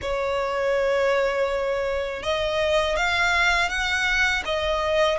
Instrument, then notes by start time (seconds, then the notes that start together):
violin
0.01 C#5
2.22 D#5
2.96 F5
3.69 F#5
4.45 D#5